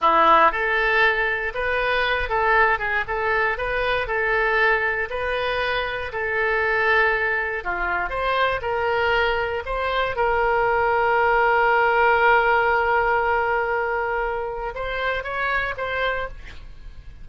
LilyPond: \new Staff \with { instrumentName = "oboe" } { \time 4/4 \tempo 4 = 118 e'4 a'2 b'4~ | b'8 a'4 gis'8 a'4 b'4 | a'2 b'2 | a'2. f'4 |
c''4 ais'2 c''4 | ais'1~ | ais'1~ | ais'4 c''4 cis''4 c''4 | }